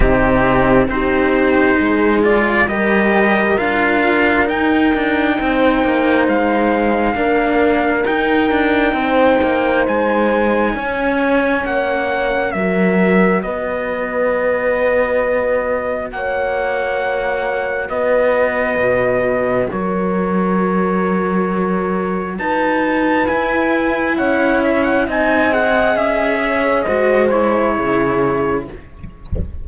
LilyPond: <<
  \new Staff \with { instrumentName = "trumpet" } { \time 4/4 \tempo 4 = 67 g'4 c''4. d''8 dis''4 | f''4 g''2 f''4~ | f''4 g''2 gis''4~ | gis''4 fis''4 e''4 dis''4~ |
dis''2 fis''2 | dis''2 cis''2~ | cis''4 a''4 gis''4 fis''8 e''16 fis''16 | gis''8 fis''8 e''4 dis''8 cis''4. | }
  \new Staff \with { instrumentName = "horn" } { \time 4/4 dis'4 g'4 gis'4 ais'4~ | ais'2 c''2 | ais'2 c''2 | cis''2 ais'4 b'4~ |
b'2 cis''2 | b'2 ais'2~ | ais'4 b'2 cis''4 | dis''4. cis''8 c''4 gis'4 | }
  \new Staff \with { instrumentName = "cello" } { \time 4/4 c'4 dis'4. f'8 g'4 | f'4 dis'2. | d'4 dis'2. | cis'2 fis'2~ |
fis'1~ | fis'1~ | fis'2 e'2 | dis'8 gis'4. fis'8 e'4. | }
  \new Staff \with { instrumentName = "cello" } { \time 4/4 c4 c'4 gis4 g4 | d'4 dis'8 d'8 c'8 ais8 gis4 | ais4 dis'8 d'8 c'8 ais8 gis4 | cis'4 ais4 fis4 b4~ |
b2 ais2 | b4 b,4 fis2~ | fis4 dis'4 e'4 cis'4 | c'4 cis'4 gis4 cis4 | }
>>